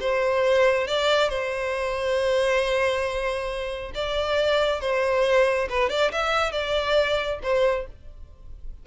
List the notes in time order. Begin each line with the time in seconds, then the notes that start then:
0.00 C5
0.87 D5
1.29 C5
3.94 D5
4.80 C5
5.69 B4
5.89 D5
6.12 E5
6.52 D5
7.42 C5